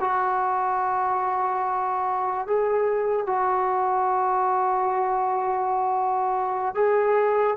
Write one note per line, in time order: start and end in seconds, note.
0.00 2.47 F#4
2.47 3.26 G#4
3.26 6.74 F#4
6.74 7.57 G#4